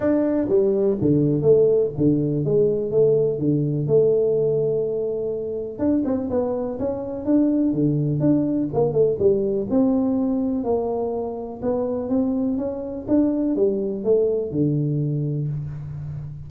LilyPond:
\new Staff \with { instrumentName = "tuba" } { \time 4/4 \tempo 4 = 124 d'4 g4 d4 a4 | d4 gis4 a4 d4 | a1 | d'8 c'8 b4 cis'4 d'4 |
d4 d'4 ais8 a8 g4 | c'2 ais2 | b4 c'4 cis'4 d'4 | g4 a4 d2 | }